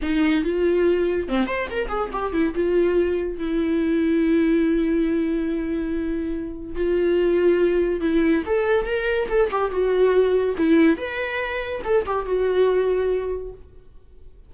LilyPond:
\new Staff \with { instrumentName = "viola" } { \time 4/4 \tempo 4 = 142 dis'4 f'2 c'8 c''8 | ais'8 gis'8 g'8 e'8 f'2 | e'1~ | e'1 |
f'2. e'4 | a'4 ais'4 a'8 g'8 fis'4~ | fis'4 e'4 b'2 | a'8 g'8 fis'2. | }